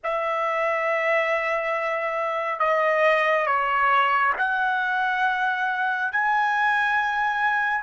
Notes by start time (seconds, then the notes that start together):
0.03 E5
2.59 D#5
3.46 C#5
4.38 F#5
6.12 G#5